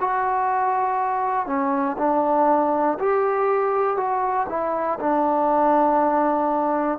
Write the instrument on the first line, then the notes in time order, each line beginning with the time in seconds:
trombone
0.00 F#4
1.46 C#4
1.98 D4
2.99 G4
3.97 F#4
4.48 E4
5.00 D4